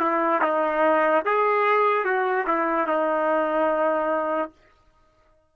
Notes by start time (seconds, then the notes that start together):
0.00 E4
0.42 D#4
1.25 G#4
2.05 F#4
2.47 E4
2.88 D#4